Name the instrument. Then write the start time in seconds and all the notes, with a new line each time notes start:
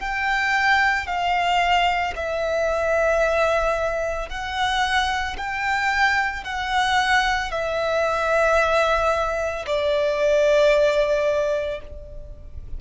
violin
0.00 G5
1.07 F5
2.16 E5
4.29 F#5
5.37 G5
6.44 F#5
7.51 E5
9.67 D5